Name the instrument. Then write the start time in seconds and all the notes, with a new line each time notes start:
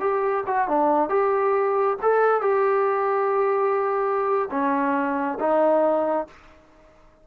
trombone
0.00 G4
0.47 F#4
0.68 D4
1.09 G4
2.02 A4
2.41 G4
4.51 C#4
5.39 D#4